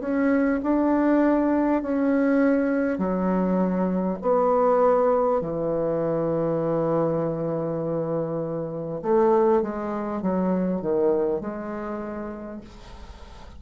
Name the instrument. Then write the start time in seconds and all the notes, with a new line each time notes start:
bassoon
0.00 C#4
0.63 D4
1.82 C#4
2.98 F#3
4.22 B3
5.41 E3
9.02 A3
9.62 G#3
10.21 F#3
10.81 D#3
11.41 G#3